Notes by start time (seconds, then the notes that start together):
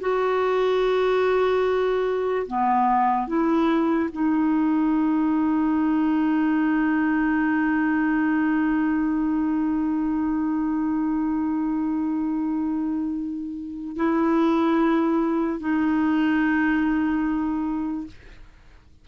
0.00 F#4
2.47 B3
3.27 E4
4.12 D#4
13.96 E4
15.60 D#4